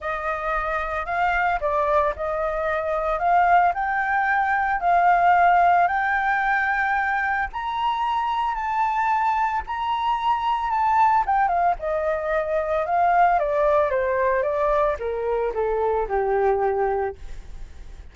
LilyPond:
\new Staff \with { instrumentName = "flute" } { \time 4/4 \tempo 4 = 112 dis''2 f''4 d''4 | dis''2 f''4 g''4~ | g''4 f''2 g''4~ | g''2 ais''2 |
a''2 ais''2 | a''4 g''8 f''8 dis''2 | f''4 d''4 c''4 d''4 | ais'4 a'4 g'2 | }